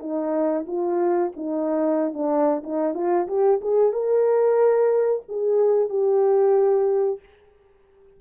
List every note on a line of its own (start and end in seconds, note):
0.00 0.65 D#4
0.66 1.32 F4
1.36 2.13 D#4
2.13 2.62 D4
2.63 2.94 D#4
2.94 3.27 F4
3.27 3.60 G4
3.61 3.92 G#4
3.92 5.23 A#4
5.28 5.89 G#4
5.89 7.20 G4